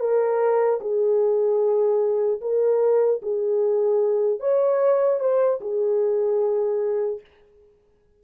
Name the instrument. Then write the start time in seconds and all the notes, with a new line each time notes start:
horn
0.00 A#4
0.81 G#4
2.41 A#4
3.23 G#4
4.40 C#5
5.20 C5
5.61 G#4